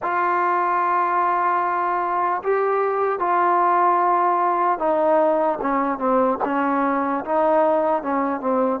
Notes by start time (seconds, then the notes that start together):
0.02 F4
2.43 G4
3.19 F4
4.79 D#4
5.61 C#4
5.98 C4
6.44 C#4
7.24 D#4
8.02 C#4
8.40 C4